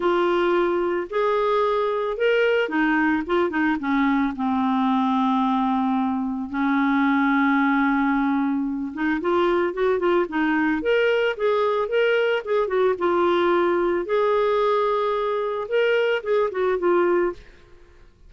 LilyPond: \new Staff \with { instrumentName = "clarinet" } { \time 4/4 \tempo 4 = 111 f'2 gis'2 | ais'4 dis'4 f'8 dis'8 cis'4 | c'1 | cis'1~ |
cis'8 dis'8 f'4 fis'8 f'8 dis'4 | ais'4 gis'4 ais'4 gis'8 fis'8 | f'2 gis'2~ | gis'4 ais'4 gis'8 fis'8 f'4 | }